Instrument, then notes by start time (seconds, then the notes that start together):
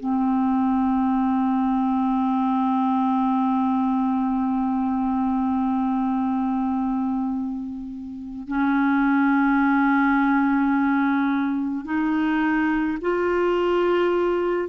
clarinet
0.00 C4
8.48 C#4
11.85 D#4
13.02 F4